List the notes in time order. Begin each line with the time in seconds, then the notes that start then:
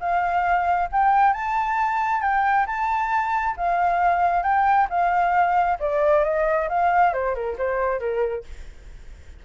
0.00 F5
0.92 G5
1.33 A5
2.22 G5
2.66 A5
3.57 F5
4.43 G5
4.90 F5
5.79 D5
6.24 D#5
6.69 F5
7.13 C5
7.35 A#4
7.58 C5
7.99 A#4